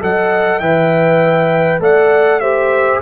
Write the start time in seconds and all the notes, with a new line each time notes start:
0.00 F#3 A4 D#5 F#5
0.59 E3 B4 E5 G5
1.79 A3 A4 D5 F#5
2.40 G4 C5 E5